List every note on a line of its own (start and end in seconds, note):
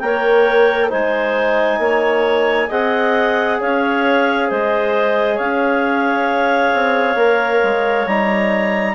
0.00 0.91 A#3
0.00 0.90 A#4
0.00 0.89 C#5
0.00 0.90 G5
0.89 1.79 G#3
0.89 2.69 D#4
0.89 1.78 C5
0.89 2.71 G#5
1.79 2.68 A#3
1.79 2.68 C#5
2.68 3.60 C4
2.68 7.17 G#4
2.68 3.58 D#5
2.68 3.61 F#5
3.60 4.51 C#4
3.60 4.49 C#5
3.60 4.51 F5
4.49 5.39 G#3
4.49 5.35 C5
4.49 5.39 D#5
5.35 6.73 C#4
5.35 8.93 C#5
5.35 8.07 F5
6.74 7.16 C4
7.16 7.60 A#3
7.16 8.07 A#4
7.64 8.07 G#3
8.07 8.95 G3
8.07 8.95 D#4
8.07 8.95 A#5